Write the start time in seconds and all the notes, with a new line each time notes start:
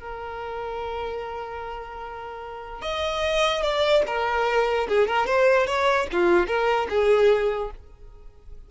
0.00 A#4
2.82 D#5
3.62 D5
4.07 A#4
4.88 G#4
5.07 A#4
5.26 C5
5.67 C#5
6.12 F4
6.47 A#4
6.90 G#4